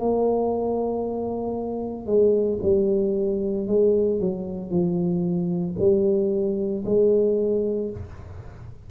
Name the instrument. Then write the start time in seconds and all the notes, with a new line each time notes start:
tuba
0.00 A#3
2.07 G#3
2.63 G3
3.67 G#3
4.21 F#3
4.70 F3
5.79 G3
6.85 G#3